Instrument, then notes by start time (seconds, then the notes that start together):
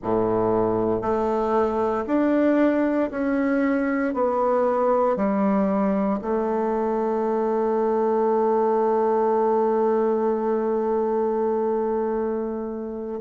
bassoon
0.02 A2
1.01 A3
2.06 D4
3.10 C#4
4.14 B3
5.16 G3
6.21 A3